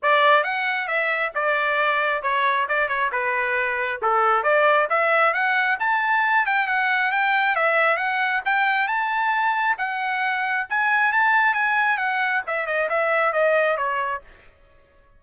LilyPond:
\new Staff \with { instrumentName = "trumpet" } { \time 4/4 \tempo 4 = 135 d''4 fis''4 e''4 d''4~ | d''4 cis''4 d''8 cis''8 b'4~ | b'4 a'4 d''4 e''4 | fis''4 a''4. g''8 fis''4 |
g''4 e''4 fis''4 g''4 | a''2 fis''2 | gis''4 a''4 gis''4 fis''4 | e''8 dis''8 e''4 dis''4 cis''4 | }